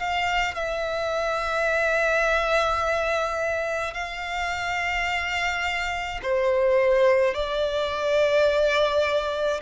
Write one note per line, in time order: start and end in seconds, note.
0.00 0.55 F5
0.55 3.94 E5
3.94 6.21 F5
6.23 7.35 C5
7.35 9.61 D5